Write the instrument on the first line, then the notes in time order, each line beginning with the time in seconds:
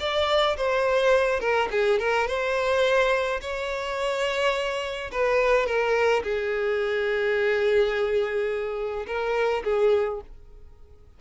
violin
0.00 D5
0.57 C5
1.40 A#4
1.72 G#4
2.00 A#4
2.28 C5
3.42 C#5
5.12 B4
5.67 A#4
6.23 G#4
9.07 A#4
9.65 G#4